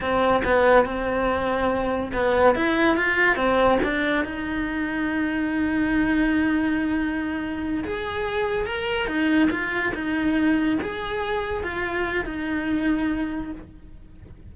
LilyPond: \new Staff \with { instrumentName = "cello" } { \time 4/4 \tempo 4 = 142 c'4 b4 c'2~ | c'4 b4 e'4 f'4 | c'4 d'4 dis'2~ | dis'1~ |
dis'2~ dis'8 gis'4.~ | gis'8 ais'4 dis'4 f'4 dis'8~ | dis'4. gis'2 f'8~ | f'4 dis'2. | }